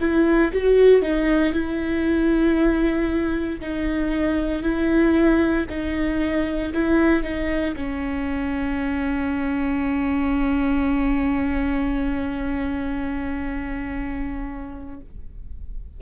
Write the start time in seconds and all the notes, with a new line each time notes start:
0.00 E4
0.53 F#4
1.02 D#4
1.53 E4
3.60 D#4
4.62 E4
5.69 D#4
6.73 E4
7.23 D#4
7.76 C#4